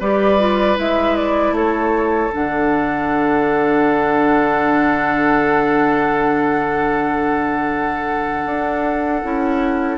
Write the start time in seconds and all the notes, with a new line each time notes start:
0.00 G3 G4 B4 D5
0.39 F4
0.76 G#3 E4 E5
1.16 D5
1.52 A3 A4 C#5
2.32 D3 D4 F#5
8.46 D4
9.24 C#4 E4